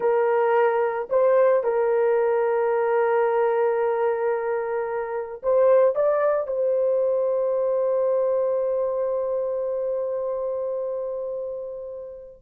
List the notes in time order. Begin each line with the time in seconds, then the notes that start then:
0.00 A#4
1.09 C5
1.63 A#4
5.42 C5
5.95 D5
6.47 C5